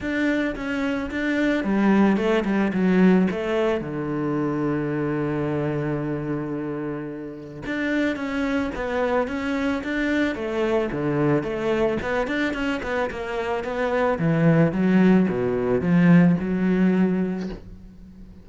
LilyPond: \new Staff \with { instrumentName = "cello" } { \time 4/4 \tempo 4 = 110 d'4 cis'4 d'4 g4 | a8 g8 fis4 a4 d4~ | d1~ | d2 d'4 cis'4 |
b4 cis'4 d'4 a4 | d4 a4 b8 d'8 cis'8 b8 | ais4 b4 e4 fis4 | b,4 f4 fis2 | }